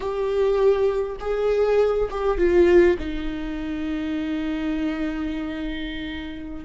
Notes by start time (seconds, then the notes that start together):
0.00 G4
1.20 G#4
2.10 G4
2.37 F4
2.98 D#4